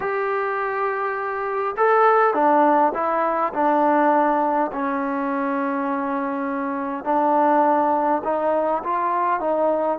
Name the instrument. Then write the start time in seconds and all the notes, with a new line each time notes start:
trombone
0.00 G4
1.76 A4
2.34 D4
2.94 E4
3.53 D4
4.72 C#4
7.04 D4
8.24 D#4
8.83 F4
9.40 D#4